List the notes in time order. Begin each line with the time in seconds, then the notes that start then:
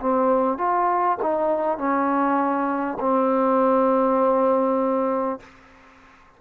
0.00 C4
0.58 F4
1.22 D#4
1.78 C#4
2.99 C4